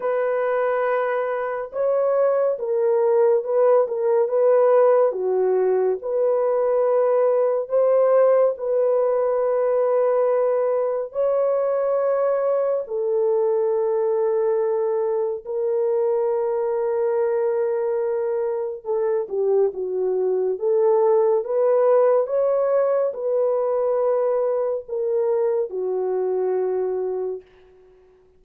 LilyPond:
\new Staff \with { instrumentName = "horn" } { \time 4/4 \tempo 4 = 70 b'2 cis''4 ais'4 | b'8 ais'8 b'4 fis'4 b'4~ | b'4 c''4 b'2~ | b'4 cis''2 a'4~ |
a'2 ais'2~ | ais'2 a'8 g'8 fis'4 | a'4 b'4 cis''4 b'4~ | b'4 ais'4 fis'2 | }